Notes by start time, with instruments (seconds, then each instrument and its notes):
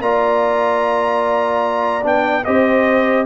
0.00 tuba A#3, trombone F4, horn D5, trumpet A#5
2.03 tuba B3, trombone D4, trumpet G5
2.45 tuba C4, trombone G4, horn C5, trumpet D#5